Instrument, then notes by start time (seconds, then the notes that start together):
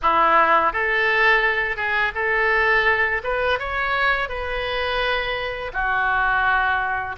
oboe
0.02 E4
0.72 A4
1.76 G#4
2.14 A4
3.23 B4
3.59 C#5
4.28 B4
5.73 F#4